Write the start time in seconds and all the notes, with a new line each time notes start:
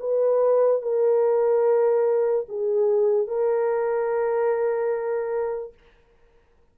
0.00 B4
0.82 A#4
2.49 G#4
3.27 A#4